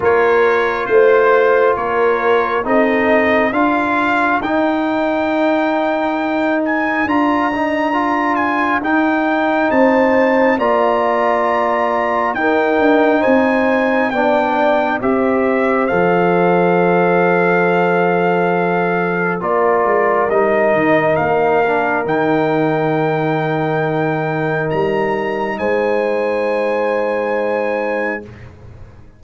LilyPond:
<<
  \new Staff \with { instrumentName = "trumpet" } { \time 4/4 \tempo 4 = 68 cis''4 c''4 cis''4 dis''4 | f''4 g''2~ g''8 gis''8 | ais''4. gis''8 g''4 a''4 | ais''2 g''4 gis''4 |
g''4 e''4 f''2~ | f''2 d''4 dis''4 | f''4 g''2. | ais''4 gis''2. | }
  \new Staff \with { instrumentName = "horn" } { \time 4/4 ais'4 c''4 ais'4 a'4 | ais'1~ | ais'2. c''4 | d''2 ais'4 c''4 |
d''4 c''2.~ | c''2 ais'2~ | ais'1~ | ais'4 c''2. | }
  \new Staff \with { instrumentName = "trombone" } { \time 4/4 f'2. dis'4 | f'4 dis'2. | f'8 dis'8 f'4 dis'2 | f'2 dis'2 |
d'4 g'4 a'2~ | a'2 f'4 dis'4~ | dis'8 d'8 dis'2.~ | dis'1 | }
  \new Staff \with { instrumentName = "tuba" } { \time 4/4 ais4 a4 ais4 c'4 | d'4 dis'2. | d'2 dis'4 c'4 | ais2 dis'8 d'8 c'4 |
b4 c'4 f2~ | f2 ais8 gis8 g8 dis8 | ais4 dis2. | g4 gis2. | }
>>